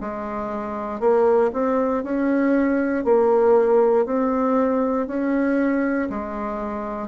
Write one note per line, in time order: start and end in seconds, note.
0.00 0.99 G#3
0.99 1.50 A#3
1.53 2.03 C4
2.03 3.04 C#4
3.04 4.05 A#3
4.05 5.07 C4
5.07 6.08 C#4
6.09 7.08 G#3